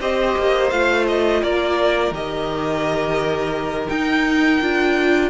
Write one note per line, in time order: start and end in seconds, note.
0.00 0.35 C4
0.00 0.71 G4
0.00 1.41 C5
0.00 0.70 D#5
0.37 0.71 A#3
0.70 1.42 A3
0.70 2.12 F4
0.70 1.05 F5
1.07 1.43 D#5
1.42 2.11 A#3
1.42 5.29 A#4
1.42 2.13 D5
2.11 3.87 D#3
2.11 3.91 G4
2.11 3.89 D#5
3.89 4.60 D#4
3.89 4.61 D#4
3.89 5.29 G5
4.60 5.29 D4
4.60 5.29 F4